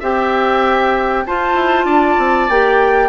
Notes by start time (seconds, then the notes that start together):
0.00 C4 G4 E5 G5
1.26 F4 C5 A5
1.55 E4
1.85 D4 D5
2.18 C4
2.49 A#3 G4 G5